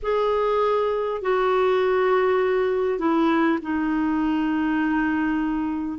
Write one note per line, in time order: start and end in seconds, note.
0.02 1.21 G#4
1.21 2.98 F#4
2.98 3.58 E4
3.62 5.98 D#4